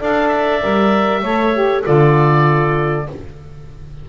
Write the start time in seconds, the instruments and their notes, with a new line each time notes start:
0.00 double bass D4, saxophone A4, clarinet D5, oboe F5
0.28 oboe E5
0.61 double bass G3, saxophone A#4
1.23 double bass A3, saxophone A4, clarinet C#5
1.54 saxophone G4
1.84 double bass D3, saxophone F4, clarinet A4, oboe D5